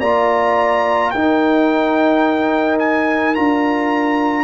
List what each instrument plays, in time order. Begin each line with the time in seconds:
0.00 tuba A#3, trombone F4, horn D5, trumpet A#5
1.10 tuba D#4, trombone D#4, horn A#4, trumpet G5
2.79 trumpet G#5
3.34 tuba D4, trombone F4, trumpet A#5